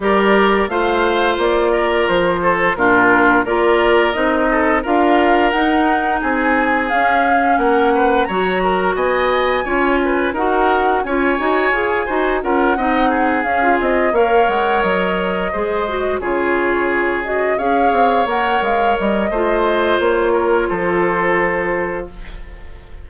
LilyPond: <<
  \new Staff \with { instrumentName = "flute" } { \time 4/4 \tempo 4 = 87 d''4 f''4 d''4 c''4 | ais'4 d''4 dis''4 f''4 | fis''4 gis''4 f''4 fis''4 | ais''4 gis''2 fis''4 |
gis''2 fis''4. f''8 | dis''8 f''8 fis''8 dis''2 cis''8~ | cis''4 dis''8 f''4 fis''8 f''8 dis''8~ | dis''4 cis''4 c''2 | }
  \new Staff \with { instrumentName = "oboe" } { \time 4/4 ais'4 c''4. ais'4 a'8 | f'4 ais'4. a'8 ais'4~ | ais'4 gis'2 ais'8 b'8 | cis''8 ais'8 dis''4 cis''8 b'8 ais'4 |
cis''4. c''8 ais'8 dis''8 gis'4~ | gis'8 cis''2 c''4 gis'8~ | gis'4. cis''2~ cis''8 | c''4. ais'8 a'2 | }
  \new Staff \with { instrumentName = "clarinet" } { \time 4/4 g'4 f'2. | d'4 f'4 dis'4 f'4 | dis'2 cis'2 | fis'2 f'4 fis'4 |
f'8 fis'8 gis'8 fis'8 f'8 dis'4 cis'16 f'16~ | f'8 ais'2 gis'8 fis'8 f'8~ | f'4 fis'8 gis'4 ais'4. | f'1 | }
  \new Staff \with { instrumentName = "bassoon" } { \time 4/4 g4 a4 ais4 f4 | ais,4 ais4 c'4 d'4 | dis'4 c'4 cis'4 ais4 | fis4 b4 cis'4 dis'4 |
cis'8 dis'8 f'8 dis'8 cis'8 c'4 cis'8 | c'8 ais8 gis8 fis4 gis4 cis8~ | cis4. cis'8 c'8 ais8 gis8 g8 | a4 ais4 f2 | }
>>